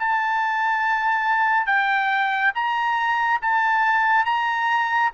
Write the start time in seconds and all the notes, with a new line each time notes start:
0.00 A5
1.67 G5
2.55 A#5
3.42 A5
4.25 A#5